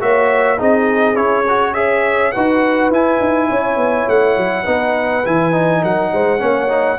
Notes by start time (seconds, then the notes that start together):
0.00 A#3 F#4 C#5 E5
0.58 C4 D#4 G#4 D#5
1.15 C#4 E4 C#5
1.49 F#4
1.74 G#4 C#5 E5
2.32 D#4 F#4 B4 F#5
2.91 E4 G#5
3.21 D#4
3.50 C#4 C#5
3.77 B3
4.09 A3 F#5
4.37 F#3
4.64 B3 D#4 B4
5.25 E3 E4 G#5
5.52 D#4
5.82 F#3 A#4 F#5
6.13 G#3 C5
6.39 A#3 C#4 C#5
6.69 D#4